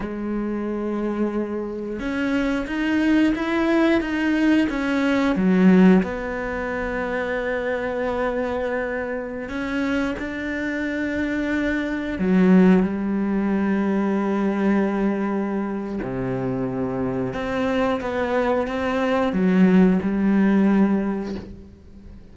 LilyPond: \new Staff \with { instrumentName = "cello" } { \time 4/4 \tempo 4 = 90 gis2. cis'4 | dis'4 e'4 dis'4 cis'4 | fis4 b2.~ | b2~ b16 cis'4 d'8.~ |
d'2~ d'16 fis4 g8.~ | g1 | c2 c'4 b4 | c'4 fis4 g2 | }